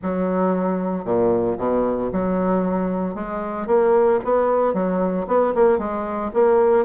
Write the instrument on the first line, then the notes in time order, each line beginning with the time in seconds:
bassoon
0.02 F#3
1.05 A#2
1.58 B2
2.12 F#3
3.14 G#3
3.67 A#3
4.24 B3
4.73 F#3
5.27 B3
5.54 A#3
5.78 G#3
6.33 A#3